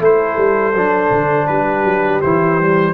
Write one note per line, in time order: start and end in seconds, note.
0.00 0.37 A3
0.00 0.73 E4
0.00 1.46 A4
0.00 1.48 C5
0.37 0.74 G3
0.74 1.10 F#3
0.74 2.23 D4
1.11 1.48 D3
1.48 1.84 G3
1.48 2.94 G4
1.48 2.21 B4
1.84 2.21 F#3
2.21 2.94 E3
2.21 2.60 E4
2.21 2.94 C5
2.60 2.94 G3